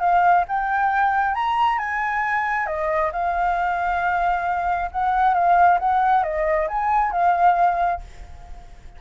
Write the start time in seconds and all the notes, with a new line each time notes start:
0.00 F5
0.48 G5
1.35 A#5
1.79 G#5
2.67 D#5
3.13 F5
4.92 F#5
5.34 F5
5.79 F#5
6.23 D#5
6.68 G#5
7.12 F5